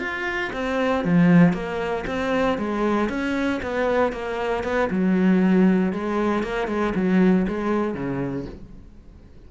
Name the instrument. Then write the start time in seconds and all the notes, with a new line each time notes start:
cello
0.00 F4
0.53 C4
1.05 F3
1.54 A#3
2.07 C4
2.58 G#3
3.09 C#4
3.63 B3
4.13 A#3
4.64 B3
4.91 F#3
5.93 G#3
6.44 A#3
6.68 G#3
6.96 F#3
7.48 G#3
7.95 C#3